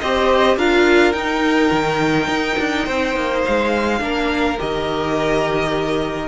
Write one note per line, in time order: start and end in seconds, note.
0.00 0.57 C4
0.00 0.58 G4
0.00 0.58 C5
0.00 0.57 D#5
0.57 1.13 D4
0.57 1.14 F4
0.57 2.86 A#4
0.57 1.13 F5
1.13 1.70 D#4
1.13 3.99 D#4
1.13 3.41 G5
1.72 2.28 D#3
2.28 2.57 D#4
2.59 2.87 D4
2.86 3.16 C4
2.86 4.00 C5
3.16 3.44 A#3
3.45 4.01 G#3
3.45 4.59 F5
4.00 4.58 A#3
4.00 4.57 D4
4.00 6.28 A#4
4.59 6.28 D#3
4.59 6.28 G4
4.59 6.28 D#5